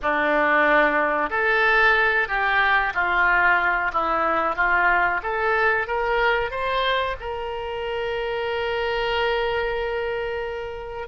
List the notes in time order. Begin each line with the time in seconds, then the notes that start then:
0.01 D4
1.30 A4
2.27 G4
2.93 F4
3.92 E4
4.55 F4
5.23 A4
5.87 A#4
6.50 C5
7.20 A#4